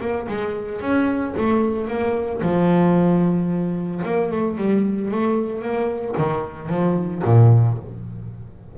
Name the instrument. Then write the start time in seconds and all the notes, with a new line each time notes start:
double bass
0.00 A#3
0.28 G#3
0.81 C#4
1.36 A3
1.87 A#3
2.42 F3
4.05 A#3
4.31 A3
4.57 G3
5.11 A3
5.62 A#3
6.17 D#3
6.69 F3
7.24 A#2